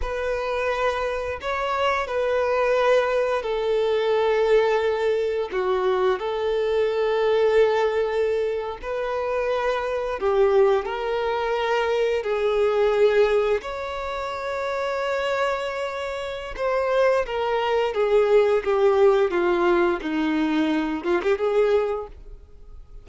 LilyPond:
\new Staff \with { instrumentName = "violin" } { \time 4/4 \tempo 4 = 87 b'2 cis''4 b'4~ | b'4 a'2. | fis'4 a'2.~ | a'8. b'2 g'4 ais'16~ |
ais'4.~ ais'16 gis'2 cis''16~ | cis''1 | c''4 ais'4 gis'4 g'4 | f'4 dis'4. f'16 g'16 gis'4 | }